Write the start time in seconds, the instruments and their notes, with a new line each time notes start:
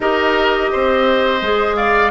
0.00 bassoon D#4, clarinet G4, oboe A#4, flute D#5
0.72 bassoon C4, oboe C5
1.41 bassoon G#3, clarinet G#4
1.76 oboe D5, flute F5